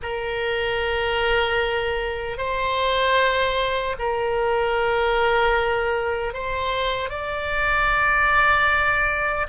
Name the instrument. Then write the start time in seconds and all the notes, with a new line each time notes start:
oboe
0.02 A#4
2.37 C5
3.98 A#4
6.33 C5
7.09 D5